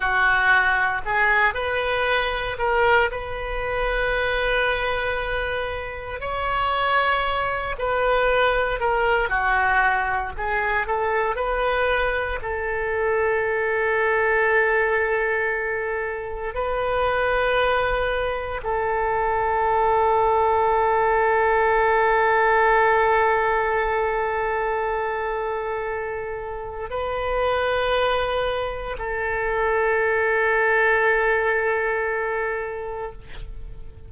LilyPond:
\new Staff \with { instrumentName = "oboe" } { \time 4/4 \tempo 4 = 58 fis'4 gis'8 b'4 ais'8 b'4~ | b'2 cis''4. b'8~ | b'8 ais'8 fis'4 gis'8 a'8 b'4 | a'1 |
b'2 a'2~ | a'1~ | a'2 b'2 | a'1 | }